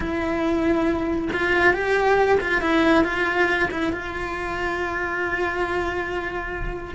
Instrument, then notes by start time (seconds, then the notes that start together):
cello
0.00 E4
1.32 F4
1.73 G4
2.40 F4
2.61 E4
3.04 F4
3.71 E4
3.92 F4